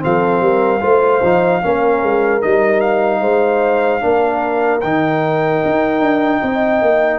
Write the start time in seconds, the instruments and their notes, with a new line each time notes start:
0.00 tuba F3, trombone C4, horn A4, trumpet F5
0.41 tuba G3, horn A#4
0.81 tuba A3, trombone F4, horn C5
1.23 tuba F3, trombone D#4
1.63 tuba A#3, trombone C#4, horn A#4
2.03 tuba G#3
2.42 tuba G3, trombone D#4, trumpet D#5
2.81 trumpet F5
3.21 tuba G#3, horn C5
4.01 tuba A#3, trombone D4, horn A#4
4.81 tuba D#3, trombone D#4, trumpet G5
5.66 tuba D#4
6.00 tuba D4
6.43 tuba C4, horn D#5
6.82 tuba A#3